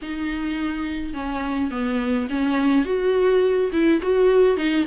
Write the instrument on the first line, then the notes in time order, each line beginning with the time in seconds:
viola
0.02 D#4
1.13 C#4
1.71 B3
2.29 C#4
2.85 F#4
3.72 E4
4.02 F#4
4.56 D#4